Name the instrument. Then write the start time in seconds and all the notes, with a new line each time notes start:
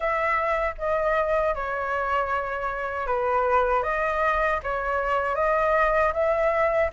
flute
0.00 E5
0.78 D#5
1.54 C#5
3.07 B4
3.83 D#5
4.63 C#5
5.35 D#5
6.13 E5